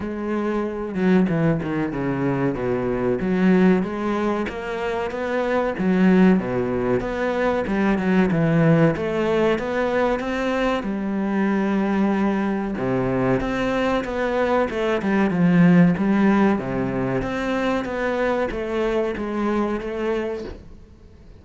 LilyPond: \new Staff \with { instrumentName = "cello" } { \time 4/4 \tempo 4 = 94 gis4. fis8 e8 dis8 cis4 | b,4 fis4 gis4 ais4 | b4 fis4 b,4 b4 | g8 fis8 e4 a4 b4 |
c'4 g2. | c4 c'4 b4 a8 g8 | f4 g4 c4 c'4 | b4 a4 gis4 a4 | }